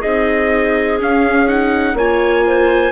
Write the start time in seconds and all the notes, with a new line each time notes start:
0.00 C4 D#4 G#4 D#5
0.99 C#4 F5
1.48 D#4 F#5
1.94 A#3 F4 C#5 G#5
2.47 C5